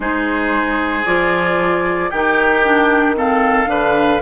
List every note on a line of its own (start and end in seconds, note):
0.00 1.03 G#3
0.00 1.03 D#4
0.00 2.10 G#4
0.00 1.05 C5
1.05 2.11 F3
1.05 2.10 F4
1.05 2.10 D5
2.10 3.66 D#3
2.10 2.63 D#4
2.10 3.15 G4
2.10 3.15 G5
2.63 3.15 D4
3.15 3.66 C4
3.15 3.69 A4
3.15 4.21 F5
3.66 4.19 D3
3.66 4.18 D4
3.66 4.21 B4